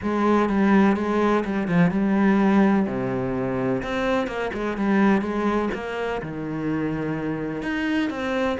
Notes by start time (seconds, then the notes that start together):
0.02 G#3
0.49 G3
0.96 G#3
1.44 G3
1.68 F3
1.90 G3
2.87 C3
3.82 C4
4.27 A#3
4.53 G#3
4.77 G3
5.21 G#3
5.74 A#3
6.21 D#3
7.62 D#4
8.10 C4